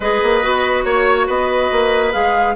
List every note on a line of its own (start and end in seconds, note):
0.00 0.20 G#3
0.00 0.42 G#4
0.00 0.84 B4
0.00 0.83 D#5
0.22 0.43 A#3
0.42 0.84 B3
0.42 2.12 F#4
0.83 1.27 A#3
0.83 1.25 C#5
0.83 1.27 C#5
1.27 1.70 B3
1.27 2.54 B4
1.27 2.12 D#5
1.71 2.14 A#3
2.12 2.55 G#3
2.12 2.54 G#4
2.12 2.55 F5